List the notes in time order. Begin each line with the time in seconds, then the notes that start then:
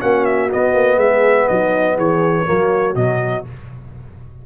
0.00 A#3 C#4 F#4 F#5
0.25 E5
0.50 B3 D#5
0.73 A#3
0.97 G#3 G#4 E5
1.48 F#3 D#4 D#5
1.96 E3 G#4 C#5
2.46 F#3 A#3 F#4
2.95 B2 F#3 D#5